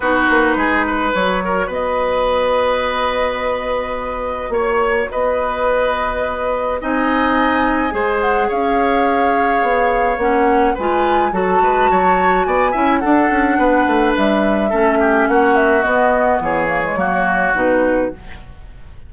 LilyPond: <<
  \new Staff \with { instrumentName = "flute" } { \time 4/4 \tempo 4 = 106 b'2 cis''4 dis''4~ | dis''1 | cis''4 dis''2. | gis''2~ gis''8 fis''8 f''4~ |
f''2 fis''4 gis''4 | a''2 gis''4 fis''4~ | fis''4 e''2 fis''8 e''8 | dis''4 cis''2 b'4 | }
  \new Staff \with { instrumentName = "oboe" } { \time 4/4 fis'4 gis'8 b'4 ais'8 b'4~ | b'1 | cis''4 b'2. | dis''2 c''4 cis''4~ |
cis''2. b'4 | a'8 b'8 cis''4 d''8 e''8 a'4 | b'2 a'8 g'8 fis'4~ | fis'4 gis'4 fis'2 | }
  \new Staff \with { instrumentName = "clarinet" } { \time 4/4 dis'2 fis'2~ | fis'1~ | fis'1 | dis'2 gis'2~ |
gis'2 cis'4 f'4 | fis'2~ fis'8 e'8 d'4~ | d'2 cis'2 | b4. ais16 gis16 ais4 dis'4 | }
  \new Staff \with { instrumentName = "bassoon" } { \time 4/4 b8 ais8 gis4 fis4 b4~ | b1 | ais4 b2. | c'2 gis4 cis'4~ |
cis'4 b4 ais4 gis4 | fis8 gis8 fis4 b8 cis'8 d'8 cis'8 | b8 a8 g4 a4 ais4 | b4 e4 fis4 b,4 | }
>>